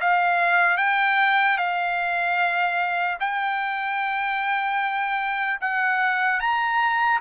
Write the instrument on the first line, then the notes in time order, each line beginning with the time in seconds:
trumpet
0.00 F5
0.77 G5
1.57 F5
3.20 G5
5.60 F#5
6.40 A#5